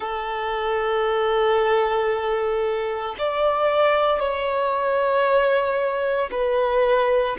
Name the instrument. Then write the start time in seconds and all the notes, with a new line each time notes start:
violin
0.00 A4
3.18 D5
4.19 C#5
6.31 B4